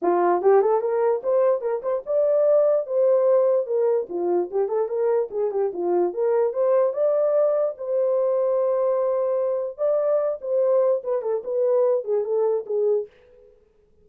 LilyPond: \new Staff \with { instrumentName = "horn" } { \time 4/4 \tempo 4 = 147 f'4 g'8 a'8 ais'4 c''4 | ais'8 c''8 d''2 c''4~ | c''4 ais'4 f'4 g'8 a'8 | ais'4 gis'8 g'8 f'4 ais'4 |
c''4 d''2 c''4~ | c''1 | d''4. c''4. b'8 a'8 | b'4. gis'8 a'4 gis'4 | }